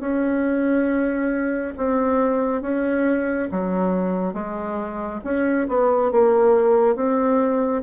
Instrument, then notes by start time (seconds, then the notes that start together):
bassoon
0.00 C#4
1.77 C4
2.62 C#4
3.51 F#3
4.33 G#3
5.24 C#4
5.68 B3
6.11 A#3
6.96 C4